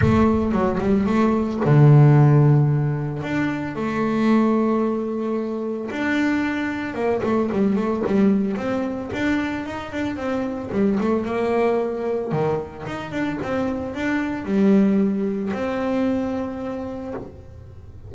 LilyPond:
\new Staff \with { instrumentName = "double bass" } { \time 4/4 \tempo 4 = 112 a4 fis8 g8 a4 d4~ | d2 d'4 a4~ | a2. d'4~ | d'4 ais8 a8 g8 a8 g4 |
c'4 d'4 dis'8 d'8 c'4 | g8 a8 ais2 dis4 | dis'8 d'8 c'4 d'4 g4~ | g4 c'2. | }